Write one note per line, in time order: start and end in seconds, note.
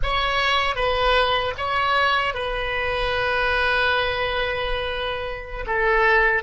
0.02 0.75 C#5
0.75 1.53 B4
1.57 2.34 C#5
2.34 5.65 B4
5.66 6.43 A4